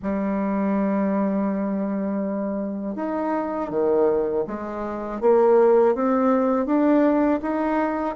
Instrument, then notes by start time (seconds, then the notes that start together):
bassoon
0.02 G3
2.95 D#4
3.70 D#3
4.47 G#3
5.21 A#3
5.94 C4
6.66 D4
7.41 D#4